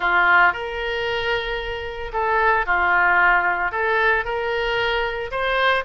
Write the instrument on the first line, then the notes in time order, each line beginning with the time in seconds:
oboe
0.00 F4
0.52 A#4
2.12 A4
2.66 F4
3.71 A4
4.24 A#4
5.31 C5